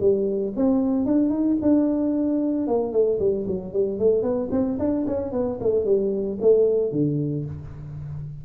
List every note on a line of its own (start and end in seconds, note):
0.00 0.53 G3
0.56 1.06 C4
1.06 1.30 D4
1.30 1.56 D#4
1.62 2.67 D4
2.67 2.93 A#3
2.93 3.19 A3
3.19 3.46 G3
3.47 3.73 F#3
3.73 3.99 G3
3.99 4.22 A3
4.22 4.49 B3
4.51 4.78 C4
4.79 5.06 D4
5.07 5.32 C#4
5.32 5.59 B3
5.60 5.85 A3
5.85 6.38 G3
6.41 6.92 A3
6.92 7.45 D3